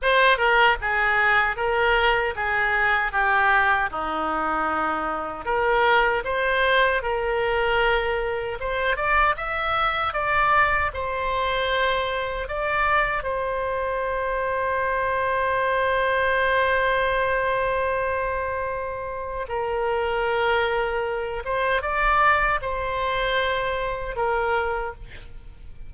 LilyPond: \new Staff \with { instrumentName = "oboe" } { \time 4/4 \tempo 4 = 77 c''8 ais'8 gis'4 ais'4 gis'4 | g'4 dis'2 ais'4 | c''4 ais'2 c''8 d''8 | e''4 d''4 c''2 |
d''4 c''2.~ | c''1~ | c''4 ais'2~ ais'8 c''8 | d''4 c''2 ais'4 | }